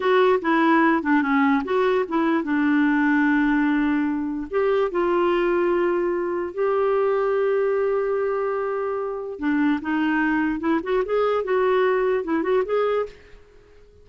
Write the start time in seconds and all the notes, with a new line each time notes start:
0.00 F#4
0.41 E4
1.03 D4
1.22 C#4
1.64 F#4
2.08 E4
2.43 D4
4.50 G4
4.91 F4
6.53 G4
9.39 D4
9.81 D#4
10.60 E4
10.83 F#4
11.05 G#4
11.43 F#4
12.24 E4
12.42 F#4
12.65 G#4